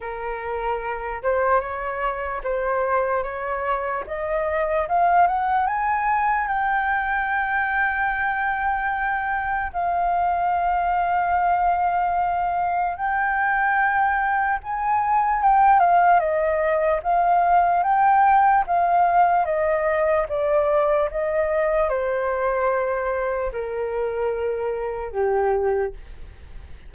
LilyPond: \new Staff \with { instrumentName = "flute" } { \time 4/4 \tempo 4 = 74 ais'4. c''8 cis''4 c''4 | cis''4 dis''4 f''8 fis''8 gis''4 | g''1 | f''1 |
g''2 gis''4 g''8 f''8 | dis''4 f''4 g''4 f''4 | dis''4 d''4 dis''4 c''4~ | c''4 ais'2 g'4 | }